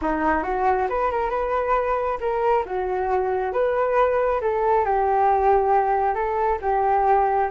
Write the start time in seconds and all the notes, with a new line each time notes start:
0.01 D#4
0.43 F#4
0.89 B4
1.11 A#4
1.30 B4
2.20 A#4
2.65 F#4
3.52 B4
4.41 A4
4.84 G4
6.14 A4
6.61 G4